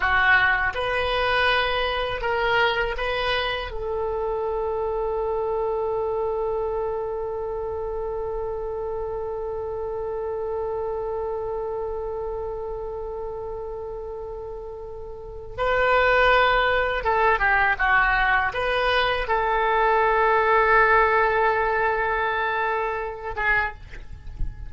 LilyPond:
\new Staff \with { instrumentName = "oboe" } { \time 4/4 \tempo 4 = 81 fis'4 b'2 ais'4 | b'4 a'2.~ | a'1~ | a'1~ |
a'1~ | a'4 b'2 a'8 g'8 | fis'4 b'4 a'2~ | a'2.~ a'8 gis'8 | }